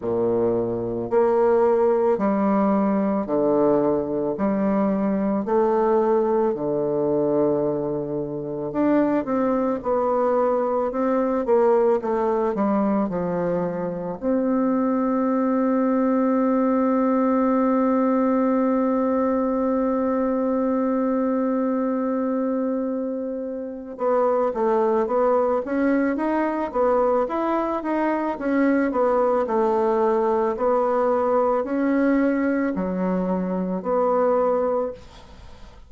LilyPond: \new Staff \with { instrumentName = "bassoon" } { \time 4/4 \tempo 4 = 55 ais,4 ais4 g4 d4 | g4 a4 d2 | d'8 c'8 b4 c'8 ais8 a8 g8 | f4 c'2.~ |
c'1~ | c'2 b8 a8 b8 cis'8 | dis'8 b8 e'8 dis'8 cis'8 b8 a4 | b4 cis'4 fis4 b4 | }